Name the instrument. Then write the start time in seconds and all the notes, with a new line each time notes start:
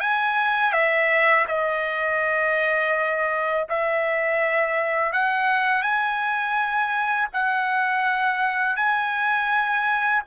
trumpet
0.00 G#5
0.72 E5
1.48 D#5
3.69 E5
5.13 F#5
5.82 G#5
7.33 F#5
8.76 G#5